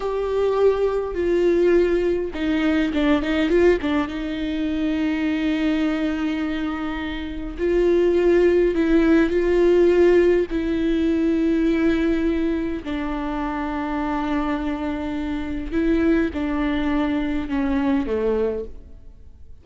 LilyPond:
\new Staff \with { instrumentName = "viola" } { \time 4/4 \tempo 4 = 103 g'2 f'2 | dis'4 d'8 dis'8 f'8 d'8 dis'4~ | dis'1~ | dis'4 f'2 e'4 |
f'2 e'2~ | e'2 d'2~ | d'2. e'4 | d'2 cis'4 a4 | }